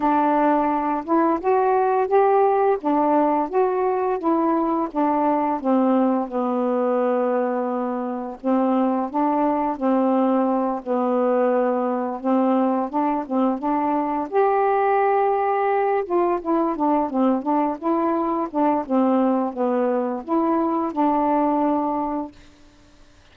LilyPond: \new Staff \with { instrumentName = "saxophone" } { \time 4/4 \tempo 4 = 86 d'4. e'8 fis'4 g'4 | d'4 fis'4 e'4 d'4 | c'4 b2. | c'4 d'4 c'4. b8~ |
b4. c'4 d'8 c'8 d'8~ | d'8 g'2~ g'8 f'8 e'8 | d'8 c'8 d'8 e'4 d'8 c'4 | b4 e'4 d'2 | }